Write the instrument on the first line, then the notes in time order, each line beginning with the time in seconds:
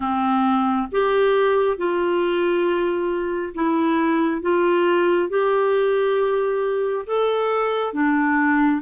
clarinet
0.00 C4
0.91 G4
1.77 F4
3.54 E4
4.41 F4
5.29 G4
7.06 A4
7.93 D4